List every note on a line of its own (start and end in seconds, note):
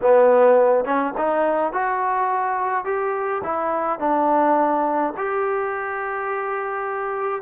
0.01 0.84 B3
0.84 1.13 C#4
1.17 1.72 D#4
1.72 2.84 F#4
2.84 3.41 G4
3.43 3.99 E4
3.99 5.13 D4
5.17 7.42 G4